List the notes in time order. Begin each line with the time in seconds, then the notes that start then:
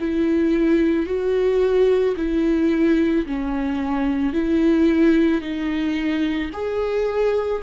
0.00 E4
1.06 F#4
2.16 E4
3.26 C#4
4.33 E4
5.41 D#4
6.53 G#4